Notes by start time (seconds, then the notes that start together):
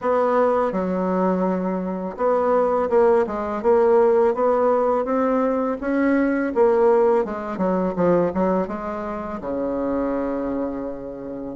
0.01 B3
0.72 F#3
2.17 B3
2.89 A#3
3.26 G#3
3.62 A#3
4.34 B3
5.04 C4
5.80 C#4
6.55 A#3
7.24 G#3
7.57 F#3
7.96 F3
8.34 F#3
8.67 G#3
9.40 C#3